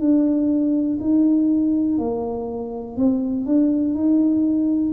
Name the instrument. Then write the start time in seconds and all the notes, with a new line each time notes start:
tuba
0.00 D4
1.00 D#4
1.98 A#3
2.96 C4
3.46 D4
3.94 D#4